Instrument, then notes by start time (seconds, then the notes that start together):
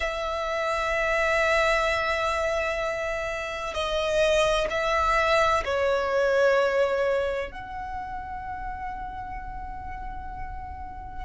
violin
0.00 E5
3.73 D#5
4.70 E5
5.65 C#5
7.51 F#5